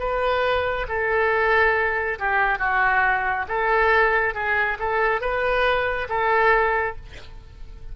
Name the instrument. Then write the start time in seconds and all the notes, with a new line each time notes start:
oboe
0.00 B4
0.89 A4
2.19 G4
2.59 F#4
3.49 A4
4.35 G#4
4.79 A4
5.21 B4
6.09 A4